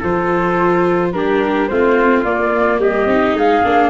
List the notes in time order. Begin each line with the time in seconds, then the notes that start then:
0.00 F3 F4 A4 C5
1.12 G3 D4 G4 A#4
1.67 A3 C4 F4 C5
2.24 A#3 D5
2.79 G3 G4 D#5
3.06 C4 D#4
3.34 G#3 G#4 F5
3.64 A#3 D4